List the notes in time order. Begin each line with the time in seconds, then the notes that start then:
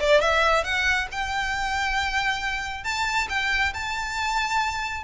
0.00 D5
0.21 E5
0.64 F#5
1.11 G5
2.84 A5
3.29 G5
3.74 A5